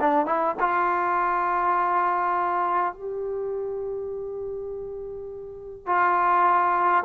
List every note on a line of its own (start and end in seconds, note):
0.00 0.26 D4
0.26 0.56 E4
0.60 2.94 F4
2.94 5.87 G4
5.87 7.04 F4